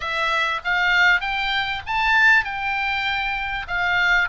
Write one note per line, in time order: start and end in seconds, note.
0.00 0.60 E5
0.64 1.20 F5
1.20 1.81 G5
1.86 2.44 A5
2.44 3.67 G5
3.67 4.29 F5